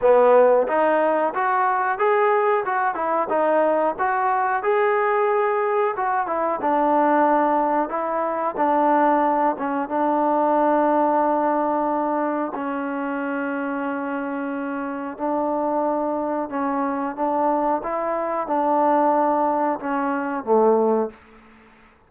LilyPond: \new Staff \with { instrumentName = "trombone" } { \time 4/4 \tempo 4 = 91 b4 dis'4 fis'4 gis'4 | fis'8 e'8 dis'4 fis'4 gis'4~ | gis'4 fis'8 e'8 d'2 | e'4 d'4. cis'8 d'4~ |
d'2. cis'4~ | cis'2. d'4~ | d'4 cis'4 d'4 e'4 | d'2 cis'4 a4 | }